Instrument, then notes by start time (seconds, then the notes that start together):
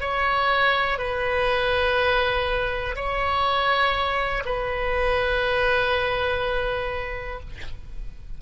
oboe
0.00 C#5
0.98 B4
2.95 C#5
4.44 B4